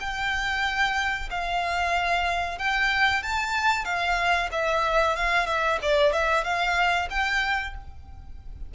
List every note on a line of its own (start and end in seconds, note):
0.00 1.29 G5
1.30 2.58 F5
2.58 3.23 G5
3.23 3.84 A5
3.84 4.49 F5
4.51 5.16 E5
5.16 5.46 F5
5.46 5.79 E5
5.82 6.13 D5
6.13 6.44 E5
6.44 7.09 F5
7.10 7.74 G5